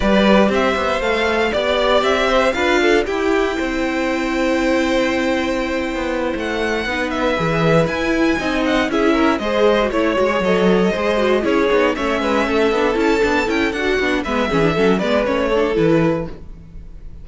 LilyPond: <<
  \new Staff \with { instrumentName = "violin" } { \time 4/4 \tempo 4 = 118 d''4 e''4 f''4 d''4 | e''4 f''4 g''2~ | g''1~ | g''8 fis''4. e''4. gis''8~ |
gis''4 fis''8 e''4 dis''4 cis''8~ | cis''8 dis''2 cis''4 e''8~ | e''4. a''4 g''8 fis''4 | e''4. d''8 cis''4 b'4 | }
  \new Staff \with { instrumentName = "violin" } { \time 4/4 b'4 c''2 d''4~ | d''8 c''8 b'8 a'8 g'4 c''4~ | c''1~ | c''4. b'2~ b'8~ |
b'8 dis''4 gis'8 ais'8 c''4 cis''8~ | cis''4. c''4 gis'4 cis''8 | b'8 a'2. fis'8 | b'8 gis'8 a'8 b'4 a'4. | }
  \new Staff \with { instrumentName = "viola" } { \time 4/4 g'2 a'4 g'4~ | g'4 f'4 e'2~ | e'1~ | e'4. dis'4 gis'4 e'8~ |
e'8 dis'4 e'4 gis'8. fis'16 e'8 | fis'16 gis'16 a'4 gis'8 fis'8 e'8 dis'8 cis'8~ | cis'4 d'8 e'8 d'8 e'8 fis'8 d'8 | b8 cis'16 d'16 cis'8 b8 cis'8 d'8 e'4 | }
  \new Staff \with { instrumentName = "cello" } { \time 4/4 g4 c'8 b8 a4 b4 | c'4 d'4 e'4 c'4~ | c'2.~ c'8. b16~ | b8 a4 b4 e4 e'8~ |
e'8 c'4 cis'4 gis4 a8 | gis8 fis4 gis4 cis'8 b8 a8 | gis8 a8 b8 cis'8 b8 cis'8 d'8 b8 | gis8 e8 fis8 gis8 a4 e4 | }
>>